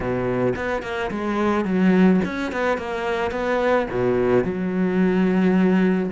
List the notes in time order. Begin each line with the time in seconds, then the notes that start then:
0.00 B2
0.55 B3
0.82 A#3
1.10 G#3
1.64 F#3
2.24 C#4
2.52 B3
2.77 A#3
3.31 B3
3.90 B2
4.43 F#3